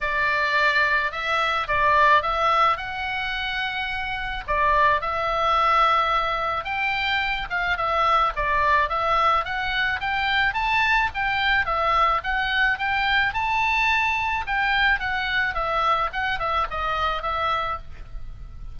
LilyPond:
\new Staff \with { instrumentName = "oboe" } { \time 4/4 \tempo 4 = 108 d''2 e''4 d''4 | e''4 fis''2. | d''4 e''2. | g''4. f''8 e''4 d''4 |
e''4 fis''4 g''4 a''4 | g''4 e''4 fis''4 g''4 | a''2 g''4 fis''4 | e''4 fis''8 e''8 dis''4 e''4 | }